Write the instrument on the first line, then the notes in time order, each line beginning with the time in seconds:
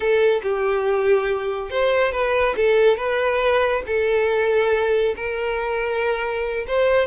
violin
0.00 A4
0.42 G4
1.70 C5
2.12 B4
2.56 A4
2.96 B4
3.86 A4
5.15 A#4
6.67 C5